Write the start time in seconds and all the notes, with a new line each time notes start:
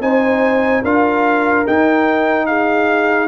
0.00 C4 D#4 C5 G#5
0.82 D4 F4 A#4 F5
1.65 D#4 G5
2.46 G#4 F5